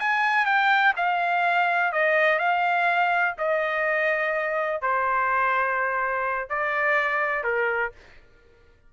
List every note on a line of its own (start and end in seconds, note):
0.00 0.46 G#5
0.46 0.94 G5
0.97 1.93 F5
1.93 2.39 D#5
2.39 3.35 F5
3.39 4.82 D#5
4.82 6.50 C5
6.50 7.44 D5
7.44 7.92 A#4